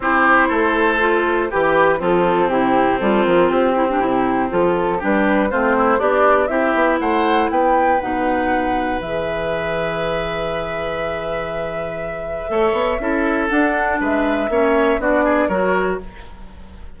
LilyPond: <<
  \new Staff \with { instrumentName = "flute" } { \time 4/4 \tempo 4 = 120 c''2. b'4 | a'4 g'4 a'8 ais'8 g'4~ | g'4 a'4 b'4 c''4 | d''4 e''4 fis''4 g''4 |
fis''2 e''2~ | e''1~ | e''2. fis''4 | e''2 d''4 cis''4 | }
  \new Staff \with { instrumentName = "oboe" } { \time 4/4 g'4 a'2 g'4 | c'1~ | c'2 g'4 f'8 e'8 | d'4 g'4 c''4 b'4~ |
b'1~ | b'1~ | b'4 cis''4 a'2 | b'4 cis''4 fis'8 gis'8 ais'4 | }
  \new Staff \with { instrumentName = "clarinet" } { \time 4/4 e'2 f'4 g'4 | f'4 e'4 f'4. e'16 d'16 | e'4 f'4 d'4 c'4 | g'4 e'2. |
dis'2 gis'2~ | gis'1~ | gis'4 a'4 e'4 d'4~ | d'4 cis'4 d'4 fis'4 | }
  \new Staff \with { instrumentName = "bassoon" } { \time 4/4 c'4 a2 e4 | f4 c4 g8 f8 c'4 | c4 f4 g4 a4 | b4 c'8 b8 a4 b4 |
b,2 e2~ | e1~ | e4 a8 b8 cis'4 d'4 | gis4 ais4 b4 fis4 | }
>>